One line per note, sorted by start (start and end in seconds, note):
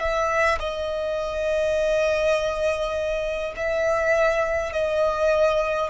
0.00 0.59 E5
0.59 3.53 D#5
3.56 4.73 E5
4.73 5.90 D#5